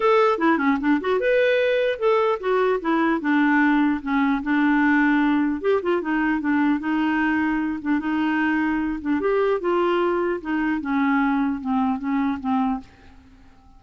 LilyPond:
\new Staff \with { instrumentName = "clarinet" } { \time 4/4 \tempo 4 = 150 a'4 e'8 cis'8 d'8 fis'8 b'4~ | b'4 a'4 fis'4 e'4 | d'2 cis'4 d'4~ | d'2 g'8 f'8 dis'4 |
d'4 dis'2~ dis'8 d'8 | dis'2~ dis'8 d'8 g'4 | f'2 dis'4 cis'4~ | cis'4 c'4 cis'4 c'4 | }